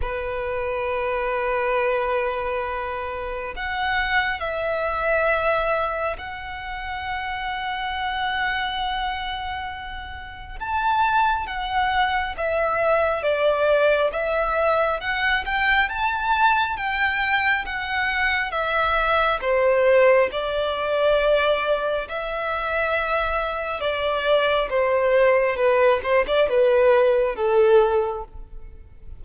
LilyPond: \new Staff \with { instrumentName = "violin" } { \time 4/4 \tempo 4 = 68 b'1 | fis''4 e''2 fis''4~ | fis''1 | a''4 fis''4 e''4 d''4 |
e''4 fis''8 g''8 a''4 g''4 | fis''4 e''4 c''4 d''4~ | d''4 e''2 d''4 | c''4 b'8 c''16 d''16 b'4 a'4 | }